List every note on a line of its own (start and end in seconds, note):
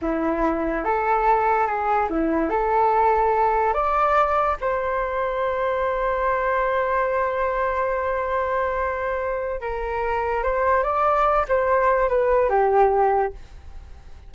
0.01 0.84 E4
0.84 1.66 A4
1.66 2.08 G#4
2.09 2.49 E4
2.49 3.73 A4
3.73 4.56 D5
4.60 9.60 C5
9.61 10.43 A#4
10.43 10.83 C5
10.83 11.45 D5
11.48 12.08 C5
12.08 12.49 B4
12.49 13.32 G4